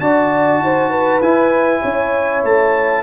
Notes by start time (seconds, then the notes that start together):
0.00 D4 F#4 D5 A5
0.60 D#4 C5
0.91 B4
1.21 E4 G#5
1.82 C#4 C#5
2.44 A3 A5